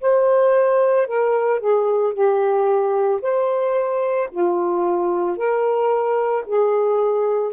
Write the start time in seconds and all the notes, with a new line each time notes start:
0.00 C5
1.07 A#4
1.60 G#4
2.13 G4
3.21 C5
4.31 F4
5.37 A#4
6.46 G#4